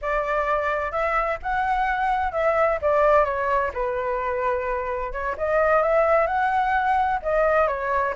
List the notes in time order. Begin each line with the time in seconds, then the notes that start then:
0.01 D5
0.91 E5
1.42 F#5
2.32 E5
2.81 D5
3.24 C#5
3.73 B4
5.12 C#5
5.37 D#5
5.82 E5
6.26 F#5
7.22 D#5
7.67 C#5